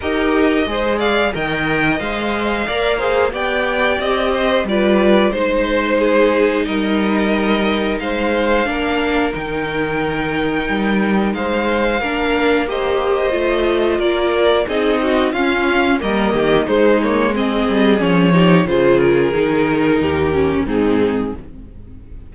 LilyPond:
<<
  \new Staff \with { instrumentName = "violin" } { \time 4/4 \tempo 4 = 90 dis''4. f''8 g''4 f''4~ | f''4 g''4 dis''4 d''4 | c''2 dis''2 | f''2 g''2~ |
g''4 f''2 dis''4~ | dis''4 d''4 dis''4 f''4 | dis''4 c''8 cis''8 dis''4 cis''4 | c''8 ais'2~ ais'8 gis'4 | }
  \new Staff \with { instrumentName = "violin" } { \time 4/4 ais'4 c''8 d''8 dis''2 | d''8 c''8 d''4. c''8 b'4 | c''4 gis'4 ais'2 | c''4 ais'2.~ |
ais'4 c''4 ais'4 c''4~ | c''4 ais'4 gis'8 fis'8 f'4 | ais'8 g'8 dis'4 gis'4. g'8 | gis'2 g'4 dis'4 | }
  \new Staff \with { instrumentName = "viola" } { \time 4/4 g'4 gis'4 ais'4 c''4 | ais'8 gis'8 g'2 f'4 | dis'1~ | dis'4 d'4 dis'2~ |
dis'2 d'4 g'4 | f'2 dis'4 cis'4 | ais4 gis8 ais8 c'4 cis'8 dis'8 | f'4 dis'4. cis'8 c'4 | }
  \new Staff \with { instrumentName = "cello" } { \time 4/4 dis'4 gis4 dis4 gis4 | ais4 b4 c'4 g4 | gis2 g2 | gis4 ais4 dis2 |
g4 gis4 ais2 | a4 ais4 c'4 cis'4 | g8 dis8 gis4. g8 f4 | cis4 dis4 dis,4 gis,4 | }
>>